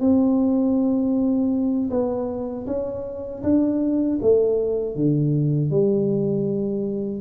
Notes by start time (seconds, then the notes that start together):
0.00 C4
1.90 B3
2.67 C#4
3.43 D4
4.22 A3
4.95 D3
5.71 G3